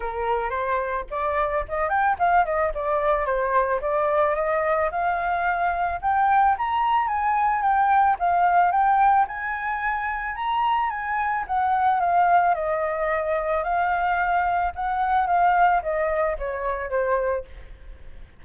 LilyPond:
\new Staff \with { instrumentName = "flute" } { \time 4/4 \tempo 4 = 110 ais'4 c''4 d''4 dis''8 g''8 | f''8 dis''8 d''4 c''4 d''4 | dis''4 f''2 g''4 | ais''4 gis''4 g''4 f''4 |
g''4 gis''2 ais''4 | gis''4 fis''4 f''4 dis''4~ | dis''4 f''2 fis''4 | f''4 dis''4 cis''4 c''4 | }